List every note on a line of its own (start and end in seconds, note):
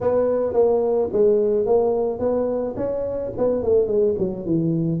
0.01 0.53 B3
0.53 1.08 A#3
1.12 1.66 G#3
1.66 2.19 A#3
2.19 2.74 B3
2.76 3.32 C#4
3.37 3.62 B3
3.62 3.87 A3
3.87 4.15 G#3
4.18 4.45 F#3
4.45 5.00 E3